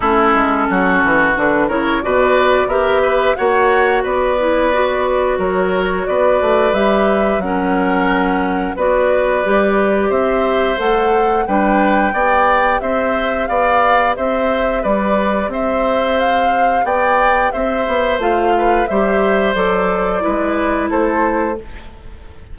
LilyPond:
<<
  \new Staff \with { instrumentName = "flute" } { \time 4/4 \tempo 4 = 89 a'2 b'8 cis''8 d''4 | e''4 fis''4 d''2 | cis''4 d''4 e''4 fis''4~ | fis''4 d''2 e''4 |
fis''4 g''2 e''4 | f''4 e''4 d''4 e''4 | f''4 g''4 e''4 f''4 | e''4 d''2 c''4 | }
  \new Staff \with { instrumentName = "oboe" } { \time 4/4 e'4 fis'4. ais'8 b'4 | ais'8 b'8 cis''4 b'2 | ais'4 b'2 ais'4~ | ais'4 b'2 c''4~ |
c''4 b'4 d''4 c''4 | d''4 c''4 b'4 c''4~ | c''4 d''4 c''4. b'8 | c''2 b'4 a'4 | }
  \new Staff \with { instrumentName = "clarinet" } { \time 4/4 cis'2 d'8 e'8 fis'4 | g'4 fis'4. e'8 fis'4~ | fis'2 g'4 cis'4~ | cis'4 fis'4 g'2 |
a'4 d'4 g'2~ | g'1~ | g'2. f'4 | g'4 a'4 e'2 | }
  \new Staff \with { instrumentName = "bassoon" } { \time 4/4 a8 gis8 fis8 e8 d8 cis8 b,4 | b4 ais4 b2 | fis4 b8 a8 g4 fis4~ | fis4 b4 g4 c'4 |
a4 g4 b4 c'4 | b4 c'4 g4 c'4~ | c'4 b4 c'8 b8 a4 | g4 fis4 gis4 a4 | }
>>